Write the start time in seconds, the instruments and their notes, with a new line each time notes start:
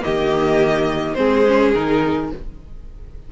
0.00 cello D#3, viola A#3, violin G4 D#5
1.14 cello G#3, viola C4, violin G#4 C5
1.47 viola C#4
1.73 cello D#3, viola D#4, violin A#4